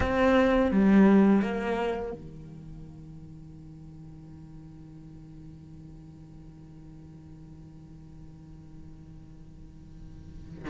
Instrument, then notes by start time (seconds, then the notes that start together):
cello
0.00 C4
0.71 G3
1.42 A#3
2.12 D#3